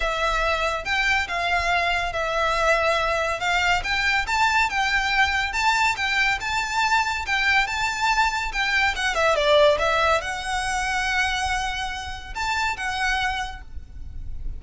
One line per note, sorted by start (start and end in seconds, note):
0.00 0.85 E5
0.85 1.27 G5
1.27 2.13 F5
2.13 3.40 E5
3.40 3.82 F5
3.83 4.26 G5
4.26 4.69 A5
4.69 5.52 G5
5.52 5.95 A5
5.96 6.38 G5
6.40 7.25 A5
7.26 7.66 G5
7.66 8.51 A5
8.52 8.95 G5
8.95 9.15 F#5
9.15 9.35 E5
9.35 9.78 D5
9.79 10.21 E5
10.21 12.34 F#5
12.34 12.76 A5
12.76 13.61 F#5